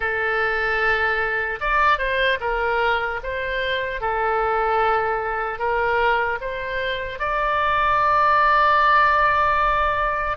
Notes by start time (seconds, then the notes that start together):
0.00 A4
1.60 D5
1.98 C5
2.40 A#4
3.23 C5
4.00 A4
5.59 A#4
6.40 C5
7.19 D5